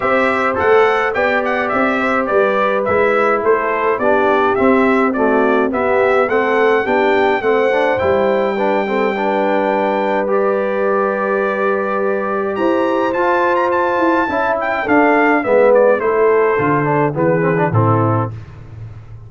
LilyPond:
<<
  \new Staff \with { instrumentName = "trumpet" } { \time 4/4 \tempo 4 = 105 e''4 fis''4 g''8 fis''8 e''4 | d''4 e''4 c''4 d''4 | e''4 d''4 e''4 fis''4 | g''4 fis''4 g''2~ |
g''2 d''2~ | d''2 ais''4 a''8. ais''16 | a''4. g''8 f''4 e''8 d''8 | c''2 b'4 a'4 | }
  \new Staff \with { instrumentName = "horn" } { \time 4/4 c''2 d''4. c''8 | b'2 a'4 g'4~ | g'4 fis'4 g'4 a'4 | g'4 c''2 b'8 a'8 |
b'1~ | b'2 c''2~ | c''4 e''4 a'4 b'4 | a'2 gis'4 e'4 | }
  \new Staff \with { instrumentName = "trombone" } { \time 4/4 g'4 a'4 g'2~ | g'4 e'2 d'4 | c'4 a4 b4 c'4 | d'4 c'8 d'8 e'4 d'8 c'8 |
d'2 g'2~ | g'2. f'4~ | f'4 e'4 d'4 b4 | e'4 f'8 d'8 b8 c'16 d'16 c'4 | }
  \new Staff \with { instrumentName = "tuba" } { \time 4/4 c'4 a4 b4 c'4 | g4 gis4 a4 b4 | c'2 b4 a4 | b4 a4 g2~ |
g1~ | g2 e'4 f'4~ | f'8 e'8 cis'4 d'4 gis4 | a4 d4 e4 a,4 | }
>>